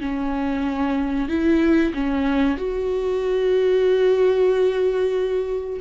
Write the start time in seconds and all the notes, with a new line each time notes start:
0.00 C#4
1.29 E4
1.94 C#4
2.57 F#4